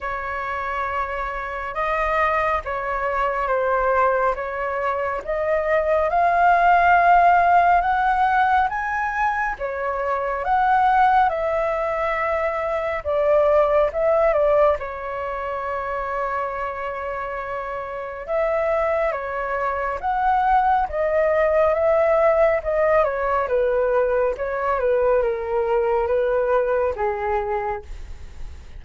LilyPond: \new Staff \with { instrumentName = "flute" } { \time 4/4 \tempo 4 = 69 cis''2 dis''4 cis''4 | c''4 cis''4 dis''4 f''4~ | f''4 fis''4 gis''4 cis''4 | fis''4 e''2 d''4 |
e''8 d''8 cis''2.~ | cis''4 e''4 cis''4 fis''4 | dis''4 e''4 dis''8 cis''8 b'4 | cis''8 b'8 ais'4 b'4 gis'4 | }